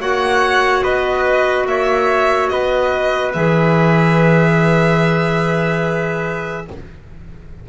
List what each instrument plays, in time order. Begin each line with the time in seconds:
0.00 double bass A#3, clarinet F#4, trumpet C#5, violin F#5
0.84 double bass B3, trumpet B4, violin D#5
1.67 double bass A#3, trumpet C#5, violin E5
2.49 double bass B3, trumpet B4, violin D#5
3.33 double bass E3, clarinet G#4, violin E5